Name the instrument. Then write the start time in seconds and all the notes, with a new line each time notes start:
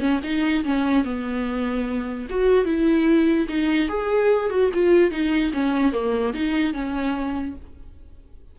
viola
0.00 C#4
0.24 D#4
0.65 C#4
1.05 B3
2.30 F#4
2.65 E4
3.49 D#4
3.89 G#4
4.50 F#4
4.74 F4
5.11 D#4
5.54 C#4
5.93 A#3
6.34 D#4
6.74 C#4